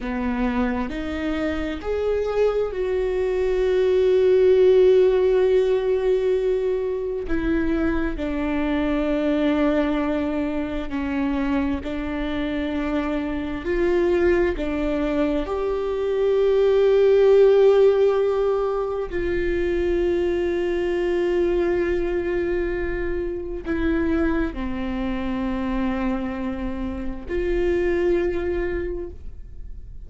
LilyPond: \new Staff \with { instrumentName = "viola" } { \time 4/4 \tempo 4 = 66 b4 dis'4 gis'4 fis'4~ | fis'1 | e'4 d'2. | cis'4 d'2 f'4 |
d'4 g'2.~ | g'4 f'2.~ | f'2 e'4 c'4~ | c'2 f'2 | }